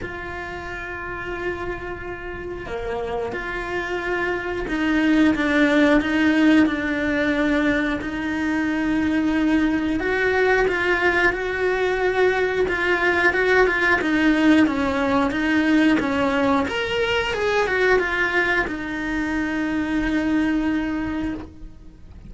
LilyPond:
\new Staff \with { instrumentName = "cello" } { \time 4/4 \tempo 4 = 90 f'1 | ais4 f'2 dis'4 | d'4 dis'4 d'2 | dis'2. fis'4 |
f'4 fis'2 f'4 | fis'8 f'8 dis'4 cis'4 dis'4 | cis'4 ais'4 gis'8 fis'8 f'4 | dis'1 | }